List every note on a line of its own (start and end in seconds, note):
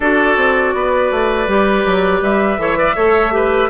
0.00 0.36 D4
0.00 1.48 F#4
0.00 0.74 A4
0.00 2.23 D5
0.36 0.73 C4
0.74 1.11 B3
0.74 2.61 B4
1.11 1.47 A3
1.47 1.84 G3
1.47 2.58 G4
1.85 2.21 F#3
2.21 2.57 G3
2.21 3.69 E5
2.57 2.94 E3
2.57 2.76 A4
2.57 2.77 C#5
2.77 2.95 B4
2.77 2.95 D5
2.95 3.69 A3
2.95 3.31 A4
2.95 3.32 C#5
3.31 3.68 G4
3.31 3.69 B4